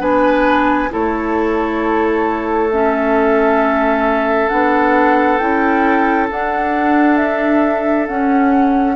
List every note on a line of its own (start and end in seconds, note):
0.00 0.90 B3
0.00 0.90 D4
0.00 0.90 B4
0.00 0.92 G#5
0.90 4.51 A3
0.90 2.69 E4
0.90 8.96 A4
0.90 2.72 C#5
2.72 4.50 C#4
2.72 4.49 E5
4.49 5.41 B3
4.49 5.40 D4
4.49 5.38 F#5
5.38 6.30 C#4
5.38 6.30 E4
5.38 6.27 G5
6.31 8.09 D4
6.31 8.08 D4
6.31 7.17 F#5
7.17 8.07 E5
8.07 8.96 C#4
8.07 8.96 F#5